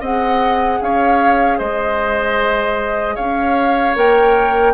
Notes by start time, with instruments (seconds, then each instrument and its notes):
0.00 bassoon C4, clarinet G#4, oboe D#5, flute F#5
0.81 bassoon C#4, oboe C#5, flute F5
1.58 bassoon G#3, oboe C5, flute D#5
3.15 bassoon C#4, oboe C#5, flute F5
3.96 bassoon A#3, clarinet A#4, flute G5